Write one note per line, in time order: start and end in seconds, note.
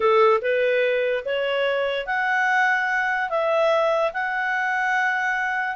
0.00 0.40 A4
0.41 1.23 B4
1.25 2.06 C#5
2.06 3.29 F#5
3.29 4.11 E5
4.13 5.76 F#5